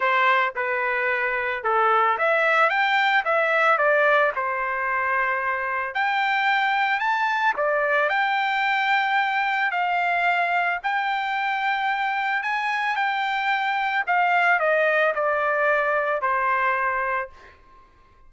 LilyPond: \new Staff \with { instrumentName = "trumpet" } { \time 4/4 \tempo 4 = 111 c''4 b'2 a'4 | e''4 g''4 e''4 d''4 | c''2. g''4~ | g''4 a''4 d''4 g''4~ |
g''2 f''2 | g''2. gis''4 | g''2 f''4 dis''4 | d''2 c''2 | }